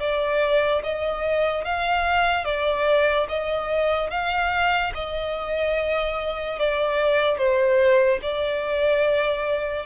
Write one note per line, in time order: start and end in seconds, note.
0.00 0.82 D5
0.83 1.65 D#5
1.65 2.45 F5
2.45 3.27 D5
3.28 4.10 D#5
4.10 4.92 F5
4.94 6.59 D#5
6.59 7.38 D5
7.38 8.20 C5
8.22 9.86 D5